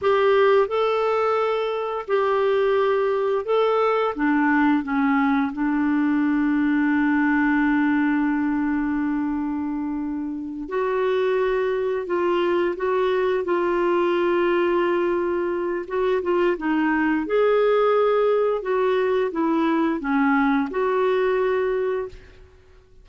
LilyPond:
\new Staff \with { instrumentName = "clarinet" } { \time 4/4 \tempo 4 = 87 g'4 a'2 g'4~ | g'4 a'4 d'4 cis'4 | d'1~ | d'2.~ d'8 fis'8~ |
fis'4. f'4 fis'4 f'8~ | f'2. fis'8 f'8 | dis'4 gis'2 fis'4 | e'4 cis'4 fis'2 | }